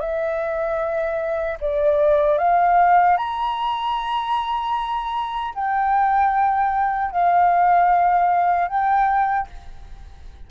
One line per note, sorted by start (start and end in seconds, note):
0.00 1.58 E5
1.60 2.38 D5
2.38 3.17 F5
3.17 5.54 A#5
5.55 7.11 G5
7.11 8.68 F5
8.68 9.47 G5